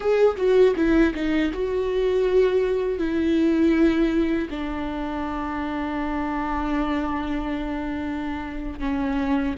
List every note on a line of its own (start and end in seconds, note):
0.00 0.36 G#4
0.36 0.74 F#4
0.76 1.13 E4
1.14 1.51 D#4
1.53 2.98 F#4
2.98 4.48 E4
4.50 8.79 D4
8.79 9.54 C#4